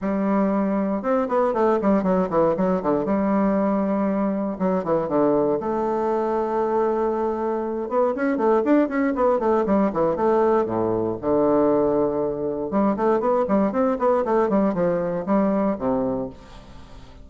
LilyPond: \new Staff \with { instrumentName = "bassoon" } { \time 4/4 \tempo 4 = 118 g2 c'8 b8 a8 g8 | fis8 e8 fis8 d8 g2~ | g4 fis8 e8 d4 a4~ | a2.~ a8 b8 |
cis'8 a8 d'8 cis'8 b8 a8 g8 e8 | a4 a,4 d2~ | d4 g8 a8 b8 g8 c'8 b8 | a8 g8 f4 g4 c4 | }